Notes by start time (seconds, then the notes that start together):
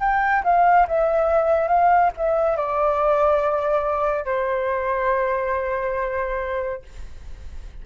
0.00 G5
0.44 F5
0.88 E5
1.68 F5
2.17 E5
2.57 D5
4.25 C5